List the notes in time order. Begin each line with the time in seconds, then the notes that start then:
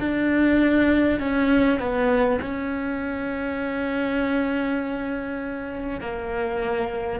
0.00 D4
1.19 C#4
1.79 B3
2.41 C#4
6.01 A#3